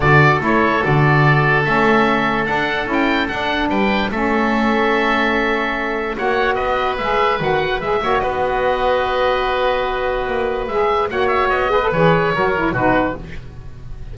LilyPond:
<<
  \new Staff \with { instrumentName = "oboe" } { \time 4/4 \tempo 4 = 146 d''4 cis''4 d''2 | e''2 fis''4 g''4 | fis''4 g''4 e''2~ | e''2. fis''4 |
dis''4 e''4 fis''4 e''4 | dis''1~ | dis''2 e''4 fis''8 e''8 | dis''4 cis''2 b'4 | }
  \new Staff \with { instrumentName = "oboe" } { \time 4/4 a'1~ | a'1~ | a'4 b'4 a'2~ | a'2. cis''4 |
b'2.~ b'8 cis''8 | b'1~ | b'2. cis''4~ | cis''8 b'4. ais'4 fis'4 | }
  \new Staff \with { instrumentName = "saxophone" } { \time 4/4 fis'4 e'4 fis'2 | cis'2 d'4 e'4 | d'2 cis'2~ | cis'2. fis'4~ |
fis'4 gis'4 fis'4 gis'8 fis'8~ | fis'1~ | fis'2 gis'4 fis'4~ | fis'8 gis'16 a'16 gis'4 fis'8 e'8 dis'4 | }
  \new Staff \with { instrumentName = "double bass" } { \time 4/4 d4 a4 d2 | a2 d'4 cis'4 | d'4 g4 a2~ | a2. ais4 |
b4 gis4 dis4 gis8 ais8 | b1~ | b4 ais4 gis4 ais4 | b4 e4 fis4 b,4 | }
>>